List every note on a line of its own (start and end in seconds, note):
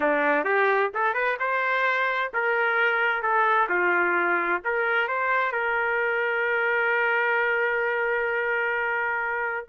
0.00 0.44 D4
0.44 0.90 G4
0.94 1.14 A4
1.14 1.37 B4
1.39 2.31 C5
2.33 3.22 A#4
3.22 3.68 A4
3.69 4.61 F4
4.64 5.07 A#4
5.07 5.52 C5
5.52 9.67 A#4